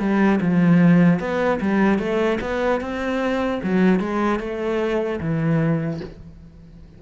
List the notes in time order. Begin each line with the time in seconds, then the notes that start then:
0.00 G3
0.41 F3
1.20 B3
1.61 G3
1.99 A3
2.41 B3
2.81 C4
3.64 F#3
4.00 G#3
4.40 A3
5.21 E3